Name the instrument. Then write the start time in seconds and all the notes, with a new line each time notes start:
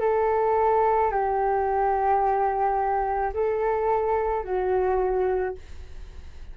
flute
0.00 A4
1.11 G4
3.33 A4
4.44 F#4